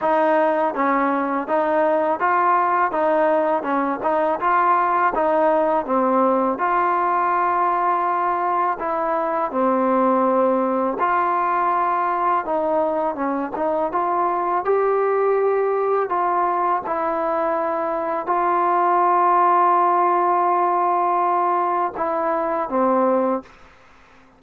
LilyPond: \new Staff \with { instrumentName = "trombone" } { \time 4/4 \tempo 4 = 82 dis'4 cis'4 dis'4 f'4 | dis'4 cis'8 dis'8 f'4 dis'4 | c'4 f'2. | e'4 c'2 f'4~ |
f'4 dis'4 cis'8 dis'8 f'4 | g'2 f'4 e'4~ | e'4 f'2.~ | f'2 e'4 c'4 | }